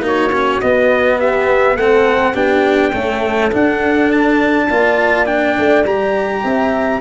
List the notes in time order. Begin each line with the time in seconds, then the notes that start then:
0.00 A#3 D#4 F#4
0.07 C#5
0.32 C#4
0.60 B3 D#5
1.18 G4 E5
1.75 A3 C4 A4 F#5
2.34 B3 D4 G4 G5
2.91 A3 C#4 A4
3.51 D4 F#5
4.11 A5
4.68 A#3 F4 D5
5.26 D4 G5
5.58 A3
5.85 G3 G4 A#5
6.43 C4 E5